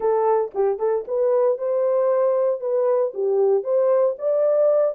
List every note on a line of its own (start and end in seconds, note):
0.00 0.51 A4
0.54 0.78 G4
0.78 1.05 A4
1.07 1.58 B4
1.58 2.60 C5
2.60 3.12 B4
3.14 3.63 G4
3.63 4.15 C5
4.18 4.95 D5